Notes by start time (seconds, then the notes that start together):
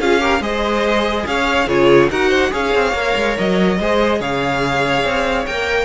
0.00 C#4 F4 G#4 F5
0.20 G4 A#4
0.40 G#3 G#4 C5 D#5
1.26 C#4 C#5 F5
1.67 C#3 F4 G#4 C#5
2.10 D#4 F#4 A#4 F#5
2.29 C5
2.51 C#4 G#4 C#5 F5
2.75 C4
2.94 A#3 A#4
3.16 G#3
3.39 F#3 D#5
3.80 G#3 G#4 C5
4.20 C#3 C#5 F5
5.04 C4
5.46 A#3 A#4 G5